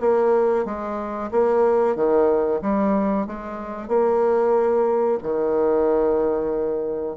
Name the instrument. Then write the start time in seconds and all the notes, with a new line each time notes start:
bassoon
0.00 A#3
0.65 G#3
1.31 A#3
1.95 D#3
2.61 G3
3.26 G#3
3.87 A#3
5.23 D#3